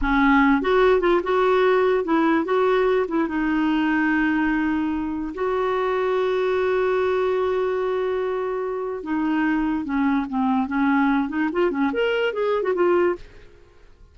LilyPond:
\new Staff \with { instrumentName = "clarinet" } { \time 4/4 \tempo 4 = 146 cis'4. fis'4 f'8 fis'4~ | fis'4 e'4 fis'4. e'8 | dis'1~ | dis'4 fis'2.~ |
fis'1~ | fis'2 dis'2 | cis'4 c'4 cis'4. dis'8 | f'8 cis'8 ais'4 gis'8. fis'16 f'4 | }